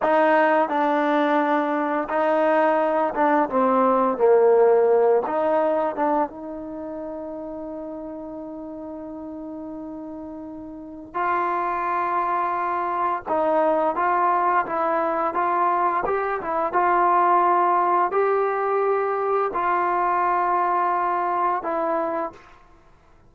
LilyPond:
\new Staff \with { instrumentName = "trombone" } { \time 4/4 \tempo 4 = 86 dis'4 d'2 dis'4~ | dis'8 d'8 c'4 ais4. dis'8~ | dis'8 d'8 dis'2.~ | dis'1 |
f'2. dis'4 | f'4 e'4 f'4 g'8 e'8 | f'2 g'2 | f'2. e'4 | }